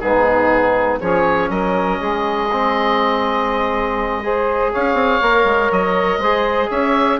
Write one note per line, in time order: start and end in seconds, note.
0.00 1.01 G#2
0.00 1.01 B3
0.00 1.00 D#4
0.00 0.99 G#4
1.00 1.50 F3
1.00 2.50 C#4
1.00 1.50 G#4
1.00 1.50 C#5
1.50 1.99 F#3
1.50 1.99 A#4
1.50 4.73 D#5
1.99 4.74 G#3
1.99 4.22 G#4
2.52 4.23 C4
4.23 5.23 G#4
4.23 4.72 C5
4.72 4.94 C#4
4.72 6.20 C#5
4.72 5.72 F5
4.94 5.18 C4
5.22 5.45 A#3
5.22 6.22 A#4
5.45 5.69 G#3
5.72 6.18 F#3
5.72 6.71 D#5
6.18 6.68 G#3
6.18 7.20 G#4
6.18 6.69 C5
6.69 7.20 C#4
6.69 7.19 C#5
6.69 7.20 E5